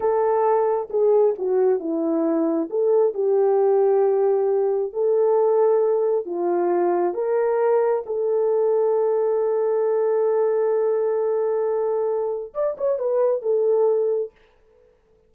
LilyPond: \new Staff \with { instrumentName = "horn" } { \time 4/4 \tempo 4 = 134 a'2 gis'4 fis'4 | e'2 a'4 g'4~ | g'2. a'4~ | a'2 f'2 |
ais'2 a'2~ | a'1~ | a'1 | d''8 cis''8 b'4 a'2 | }